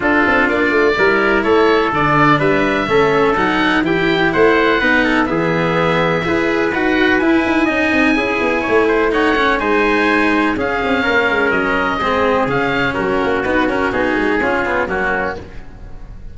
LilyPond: <<
  \new Staff \with { instrumentName = "oboe" } { \time 4/4 \tempo 4 = 125 a'4 d''2 cis''4 | d''4 e''2 fis''4 | g''4 fis''2 e''4~ | e''2 fis''4 gis''4~ |
gis''2. fis''4 | gis''2 f''2 | dis''2 f''4 ais'4 | b'8 ais'8 gis'2 fis'4 | }
  \new Staff \with { instrumentName = "trumpet" } { \time 4/4 f'2 ais'4 a'4~ | a'4 b'4 a'2 | g'4 c''4 b'8 a'8 gis'4~ | gis'4 b'2. |
dis''4 gis'4 cis''8 c''8 cis''4 | c''2 gis'4 ais'4~ | ais'4 gis'2 fis'4~ | fis'2 f'4 cis'4 | }
  \new Staff \with { instrumentName = "cello" } { \time 4/4 d'2 e'2 | d'2 cis'4 dis'4 | e'2 dis'4 b4~ | b4 gis'4 fis'4 e'4 |
dis'4 e'2 dis'8 cis'8 | dis'2 cis'2~ | cis'4 c'4 cis'2 | b8 cis'8 dis'4 cis'8 b8 ais4 | }
  \new Staff \with { instrumentName = "tuba" } { \time 4/4 d'8 c'8 ais8 a8 g4 a4 | d4 g4 a4 fis4 | e4 a4 b4 e4~ | e4 e'4 dis'4 e'8 dis'8 |
cis'8 c'8 cis'8 b8 a2 | gis2 cis'8 c'8 ais8 gis8 | fis4 gis4 cis4 fis8 ais8 | dis'8 cis'8 b8 gis8 cis'4 fis4 | }
>>